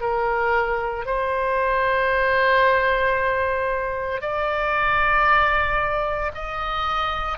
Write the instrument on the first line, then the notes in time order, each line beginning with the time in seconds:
oboe
0.00 A#4
1.05 C5
4.21 D5
6.34 D#5